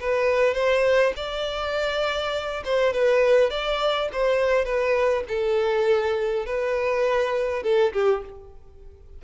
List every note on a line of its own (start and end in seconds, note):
0.00 0.54 B4
0.54 1.13 C5
1.16 2.63 D5
2.64 2.93 C5
2.93 3.50 B4
3.50 4.09 D5
4.12 4.65 C5
4.65 5.24 B4
5.28 6.45 A4
6.45 7.63 B4
7.63 7.92 A4
7.93 8.22 G4